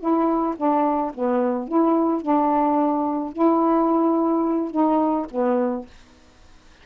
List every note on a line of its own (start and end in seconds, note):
0.00 0.56 E4
0.57 1.13 D4
1.14 1.68 B3
1.68 2.22 E4
2.22 3.33 D4
3.33 4.71 E4
4.71 5.27 D#4
5.31 5.87 B3